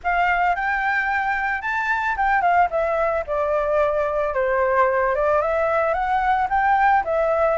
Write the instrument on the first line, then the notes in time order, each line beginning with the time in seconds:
flute
0.03 F5
0.55 G5
1.61 A5
2.16 G5
2.41 F5
2.70 E5
3.26 D5
4.34 C5
5.15 D5
5.41 E5
5.93 F#5
6.49 G5
7.04 E5